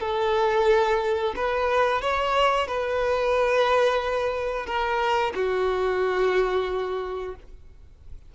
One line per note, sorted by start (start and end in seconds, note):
0.00 1.33 A4
1.35 2.01 B4
2.01 2.67 C#5
2.67 4.66 B4
4.66 5.32 A#4
5.35 7.35 F#4